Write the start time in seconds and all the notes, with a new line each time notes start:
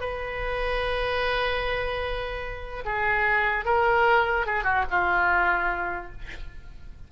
0.00 B4
2.85 G#4
3.64 A#4
4.46 G#4
4.63 F#4
4.90 F4